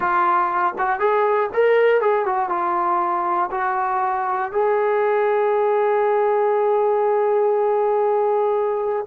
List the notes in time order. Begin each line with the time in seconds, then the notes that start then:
0.00 F4
0.78 F#4
0.99 G#4
1.53 A#4
2.00 G#4
2.25 F#4
2.49 F4
3.51 F#4
4.52 G#4